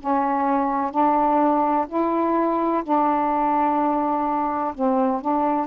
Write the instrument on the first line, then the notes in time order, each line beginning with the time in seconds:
saxophone
0.00 C#4
0.91 D4
1.88 E4
2.84 D4
4.74 C4
5.21 D4